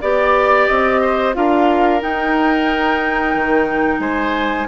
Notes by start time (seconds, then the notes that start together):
0.00 B3 G4 D5
0.66 C4 D#5
1.01 C5
1.33 D4 F4 A#4 F5
2.00 D#4 G5
3.34 D#3
3.99 G#3 C5 G#5